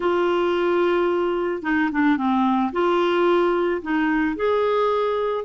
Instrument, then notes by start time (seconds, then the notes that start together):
clarinet
0.00 F4
1.62 D#4
1.91 D4
2.17 C4
2.72 F4
3.82 D#4
4.36 G#4